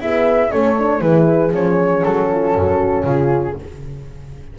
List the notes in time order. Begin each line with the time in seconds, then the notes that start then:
0.00 B3 E4 G#4 E5
0.50 A3 C#4 A4 C#5
0.79 D4
1.00 E3 E4 G#4 B4
1.52 F3 C#4 C#5
2.04 F#3 A4
2.32 F4
2.55 F#2 F#4
3.04 C#3 F4 G#4